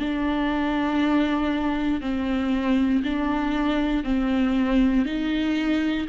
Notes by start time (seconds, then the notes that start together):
0.00 D4
2.02 C4
3.04 D4
4.04 C4
5.06 D#4